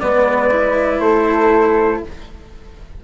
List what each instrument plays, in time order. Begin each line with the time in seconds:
0.00 bassoon G#3, cello B3, flute B4, trumpet D5
0.51 cello E4
0.99 bassoon A3, flute A4, trumpet C5